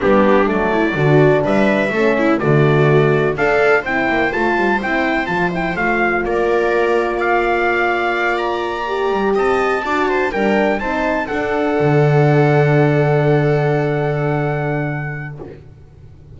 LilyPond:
<<
  \new Staff \with { instrumentName = "trumpet" } { \time 4/4 \tempo 4 = 125 g'4 d''2 e''4~ | e''4 d''2 f''4 | g''4 a''4 g''4 a''8 g''8 | f''4 d''2 f''4~ |
f''4. ais''2 a''8~ | a''4. g''4 a''4 fis''8~ | fis''1~ | fis''1 | }
  \new Staff \with { instrumentName = "viola" } { \time 4/4 d'4. e'8 fis'4 b'4 | a'8 e'8 fis'2 a'4 | c''1~ | c''4 ais'2 d''4~ |
d''2.~ d''8 dis''8~ | dis''8 d''8 c''8 ais'4 c''4 a'8~ | a'1~ | a'1 | }
  \new Staff \with { instrumentName = "horn" } { \time 4/4 b4 a4 d'2 | cis'4 a2 d'4 | e'4 f'4 e'4 f'8 e'8 | f'1~ |
f'2~ f'8 g'4.~ | g'8 fis'4 d'4 dis'4 d'8~ | d'1~ | d'1 | }
  \new Staff \with { instrumentName = "double bass" } { \time 4/4 g4 fis4 d4 g4 | a4 d2 d'4 | c'8 ais8 a8 g8 c'4 f4 | a4 ais2.~ |
ais2. g8 c'8~ | c'8 d'4 g4 c'4 d'8~ | d'8 d2.~ d8~ | d1 | }
>>